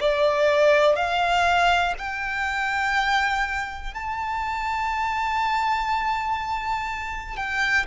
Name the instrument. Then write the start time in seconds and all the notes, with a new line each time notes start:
violin
0.00 D5
0.96 F5
1.99 G5
3.94 A5
7.37 G5